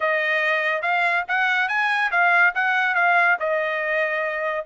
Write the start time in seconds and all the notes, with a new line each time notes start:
0.00 D#5
0.82 F5
1.28 F#5
1.68 G#5
2.11 F5
2.54 F#5
2.95 F5
3.39 D#5